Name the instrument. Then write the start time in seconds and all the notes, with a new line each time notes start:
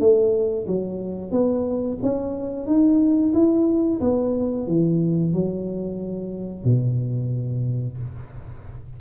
tuba
0.00 A3
0.67 F#3
1.32 B3
2.03 C#4
2.67 D#4
3.34 E4
4.01 B3
4.67 E3
5.33 F#3
6.65 B2